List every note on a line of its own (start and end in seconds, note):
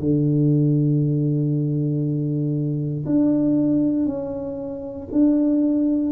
0.00 3.05 D3
3.06 4.06 D4
4.06 5.08 C#4
5.12 6.12 D4